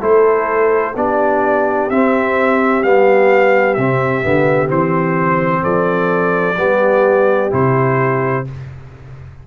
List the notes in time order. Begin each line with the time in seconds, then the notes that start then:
0.00 A3 E4 A4 C5
0.95 B3 D4 G4 D5
1.90 C4 E5
2.83 G3 B3 F5
3.74 C3 C4 E5
4.22 D3 B3
4.67 E3 C4 C5
5.62 F3 A4 D5
6.57 G3 B3 G4
7.51 C3 E4 C5